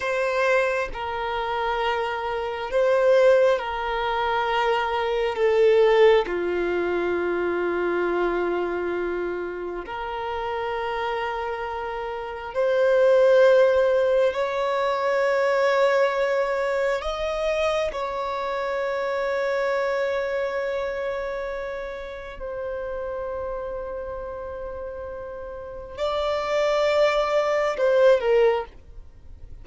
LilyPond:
\new Staff \with { instrumentName = "violin" } { \time 4/4 \tempo 4 = 67 c''4 ais'2 c''4 | ais'2 a'4 f'4~ | f'2. ais'4~ | ais'2 c''2 |
cis''2. dis''4 | cis''1~ | cis''4 c''2.~ | c''4 d''2 c''8 ais'8 | }